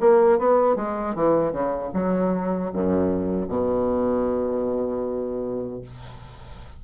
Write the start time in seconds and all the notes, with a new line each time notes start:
0.00 A#3
0.39 B3
0.76 G#3
1.15 E3
1.52 C#3
1.93 F#3
2.73 F#2
3.48 B2